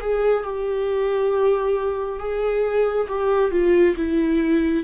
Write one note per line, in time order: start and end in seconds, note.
0.00 0.43 G#4
0.43 2.19 G4
2.19 3.07 G#4
3.08 3.51 G4
3.51 3.95 F4
3.96 4.84 E4